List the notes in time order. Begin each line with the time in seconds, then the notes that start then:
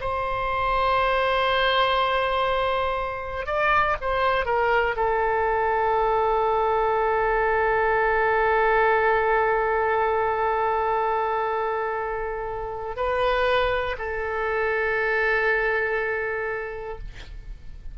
0.00 C5
3.46 D5
4.01 C5
4.45 A#4
4.96 A4
12.96 B4
13.98 A4